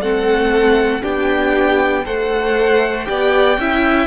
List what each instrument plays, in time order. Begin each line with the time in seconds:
0.00 cello A3, viola C4, violin A4 F#5
1.02 cello B3, viola D4, violin G4 G5
2.05 cello A3, viola A4, violin C5 F#5
3.04 cello B3, viola G4, violin D5 G5
3.57 cello C#4, viola E4, violin E5